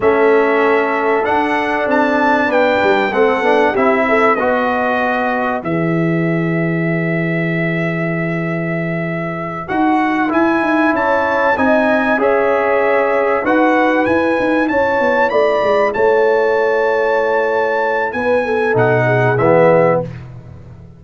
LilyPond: <<
  \new Staff \with { instrumentName = "trumpet" } { \time 4/4 \tempo 4 = 96 e''2 fis''4 a''4 | g''4 fis''4 e''4 dis''4~ | dis''4 e''2.~ | e''2.~ e''8 fis''8~ |
fis''8 gis''4 a''4 gis''4 e''8~ | e''4. fis''4 gis''4 a''8~ | a''8 b''4 a''2~ a''8~ | a''4 gis''4 fis''4 e''4 | }
  \new Staff \with { instrumentName = "horn" } { \time 4/4 a'1 | b'4 a'4 g'8 a'8 b'4~ | b'1~ | b'1~ |
b'4. cis''4 dis''4 cis''8~ | cis''4. b'2 cis''8~ | cis''8 d''4 cis''2~ cis''8~ | cis''4 b'8 a'4 gis'4. | }
  \new Staff \with { instrumentName = "trombone" } { \time 4/4 cis'2 d'2~ | d'4 c'8 d'8 e'4 fis'4~ | fis'4 gis'2.~ | gis'2.~ gis'8 fis'8~ |
fis'8 e'2 dis'4 gis'8~ | gis'4. fis'4 e'4.~ | e'1~ | e'2 dis'4 b4 | }
  \new Staff \with { instrumentName = "tuba" } { \time 4/4 a2 d'4 c'4 | b8 g8 a8 b8 c'4 b4~ | b4 e2.~ | e2.~ e8 dis'8~ |
dis'8 e'8 dis'8 cis'4 c'4 cis'8~ | cis'4. dis'4 e'8 dis'8 cis'8 | b8 a8 gis8 a2~ a8~ | a4 b4 b,4 e4 | }
>>